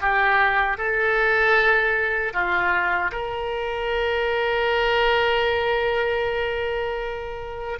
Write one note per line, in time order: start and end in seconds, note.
0.00 0.78 G4
0.78 2.33 A4
2.33 3.11 F4
3.11 7.79 A#4